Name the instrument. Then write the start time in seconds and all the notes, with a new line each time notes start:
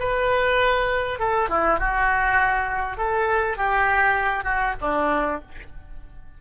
oboe
0.00 B4
1.19 A4
1.49 E4
1.79 F#4
2.98 A4
3.58 G4
4.44 F#4
4.81 D4